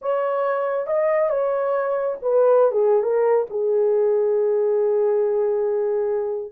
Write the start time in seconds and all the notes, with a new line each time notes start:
0.01 C#5
0.86 D#5
1.29 C#5
2.22 B4
2.71 G#4
3.02 A#4
3.49 G#4